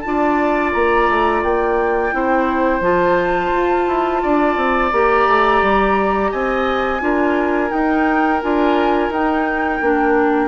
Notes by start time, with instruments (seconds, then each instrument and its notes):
0.00 bassoon D4, clarinet F4, flute A5
0.07 oboe D5
0.73 bassoon A#3, flute A#5
1.09 bassoon A3
1.43 bassoon A#3, flute G5
2.12 bassoon C4, clarinet E4, oboe C5
2.81 bassoon F3, clarinet F4, flute A5
3.52 bassoon F4
3.87 bassoon E4
4.23 bassoon D4, oboe D5
4.56 bassoon C4
4.92 bassoon A#3, clarinet G4, flute A#5
5.27 bassoon A3
5.62 bassoon G3
6.31 bassoon C4, oboe D#5, flute G#5
7.00 bassoon D4, clarinet F4, oboe A#4
7.69 clarinet D#4, bassoon D#4, flute G5
8.42 bassoon D4, clarinet F4, flute G#5
9.09 bassoon D#4, clarinet D#4, flute G5
9.81 bassoon A#3, clarinet D4